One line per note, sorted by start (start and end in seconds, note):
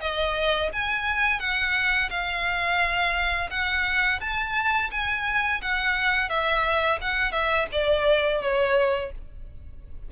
0.00 0.70 D#5
0.72 1.40 G#5
1.40 2.09 F#5
2.10 3.49 F5
3.50 4.20 F#5
4.20 4.90 A5
4.91 5.61 G#5
5.61 6.29 F#5
6.29 6.98 E5
7.01 7.32 F#5
7.32 7.66 E5
7.72 8.41 D5
8.41 9.11 C#5